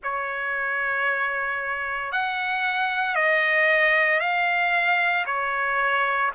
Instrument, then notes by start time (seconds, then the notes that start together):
trumpet
0.02 C#5
2.11 F#5
3.15 D#5
4.20 F5
5.26 C#5